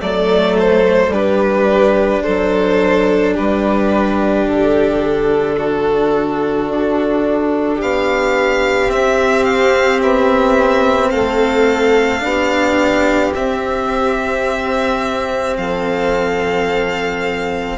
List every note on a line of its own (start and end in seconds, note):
0.00 1.08 F#3
0.00 1.11 A3
0.00 1.12 A4
0.00 0.56 D5
0.59 1.13 C5
1.08 2.19 G3
1.08 8.87 D4
1.08 2.23 G4
1.08 2.22 B4
2.22 3.38 F#3
2.22 3.34 A4
2.22 3.33 C5
3.34 4.46 G3
3.34 5.56 G4
3.34 4.47 B4
4.46 6.68 D3
4.46 7.81 A4
5.56 7.76 F#4
6.68 7.79 D4
7.76 8.90 B3
7.76 11.09 G4
7.76 8.90 F5
8.87 12.20 C4
8.87 10.01 C4
8.87 9.44 E5
9.44 9.99 F5
10.01 11.12 B3
10.01 11.10 E5
11.10 12.23 A3
11.10 12.22 A4
11.10 13.32 F5
12.20 13.34 B3
12.20 13.31 D4
12.20 15.58 G4
13.34 17.78 C4
13.34 15.57 C4
13.34 15.56 E5
15.57 17.78 F3
15.57 17.78 A4
15.57 17.78 F5